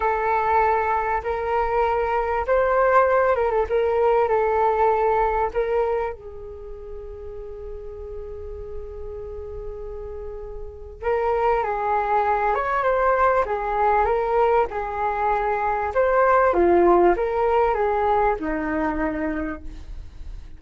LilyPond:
\new Staff \with { instrumentName = "flute" } { \time 4/4 \tempo 4 = 98 a'2 ais'2 | c''4. ais'16 a'16 ais'4 a'4~ | a'4 ais'4 gis'2~ | gis'1~ |
gis'2 ais'4 gis'4~ | gis'8 cis''8 c''4 gis'4 ais'4 | gis'2 c''4 f'4 | ais'4 gis'4 dis'2 | }